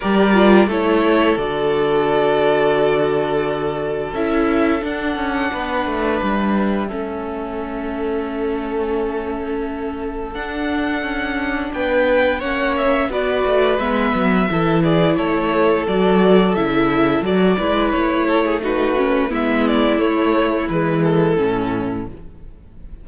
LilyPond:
<<
  \new Staff \with { instrumentName = "violin" } { \time 4/4 \tempo 4 = 87 d''4 cis''4 d''2~ | d''2 e''4 fis''4~ | fis''4 e''2.~ | e''2. fis''4~ |
fis''4 g''4 fis''8 e''8 d''4 | e''4. d''8 cis''4 d''4 | e''4 d''4 cis''4 b'4 | e''8 d''8 cis''4 b'8 a'4. | }
  \new Staff \with { instrumentName = "violin" } { \time 4/4 ais'4 a'2.~ | a'1 | b'2 a'2~ | a'1~ |
a'4 b'4 cis''4 b'4~ | b'4 a'8 gis'8 a'2~ | a'4. b'4 a'16 gis'16 fis'4 | e'1 | }
  \new Staff \with { instrumentName = "viola" } { \time 4/4 g'8 f'8 e'4 fis'2~ | fis'2 e'4 d'4~ | d'2 cis'2~ | cis'2. d'4~ |
d'2 cis'4 fis'4 | b4 e'2 fis'4 | e'4 fis'8 e'4. dis'8 cis'8 | b4 a4 gis4 cis'4 | }
  \new Staff \with { instrumentName = "cello" } { \time 4/4 g4 a4 d2~ | d2 cis'4 d'8 cis'8 | b8 a8 g4 a2~ | a2. d'4 |
cis'4 b4 ais4 b8 a8 | gis8 fis8 e4 a4 fis4 | cis4 fis8 gis8 a2 | gis4 a4 e4 a,4 | }
>>